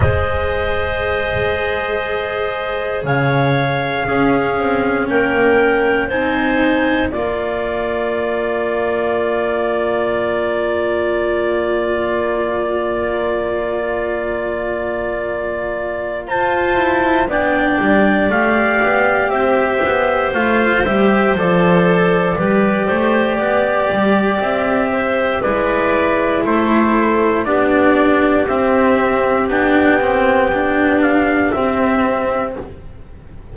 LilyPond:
<<
  \new Staff \with { instrumentName = "trumpet" } { \time 4/4 \tempo 4 = 59 dis''2. f''4~ | f''4 g''4 gis''4 ais''4~ | ais''1~ | ais''1 |
a''4 g''4 f''4 e''4 | f''8 e''8 d''2. | e''4 d''4 c''4 d''4 | e''4 g''4. f''8 e''4 | }
  \new Staff \with { instrumentName = "clarinet" } { \time 4/4 c''2. cis''4 | gis'4 ais'4 c''4 d''4~ | d''1~ | d''1 |
c''4 d''2 c''4~ | c''2 b'8 c''8 d''4~ | d''8 c''8 b'4 a'4 g'4~ | g'1 | }
  \new Staff \with { instrumentName = "cello" } { \time 4/4 gis'1 | cis'2 dis'4 f'4~ | f'1~ | f'1~ |
f'8 e'8 d'4 g'2 | f'8 g'8 a'4 g'2~ | g'4 e'2 d'4 | c'4 d'8 c'8 d'4 c'4 | }
  \new Staff \with { instrumentName = "double bass" } { \time 4/4 gis2. cis4 | cis'8 c'8 ais4 c'4 ais4~ | ais1~ | ais1 |
f'4 b8 g8 a8 b8 c'8 b8 | a8 g8 f4 g8 a8 b8 g8 | c'4 gis4 a4 b4 | c'4 b2 c'4 | }
>>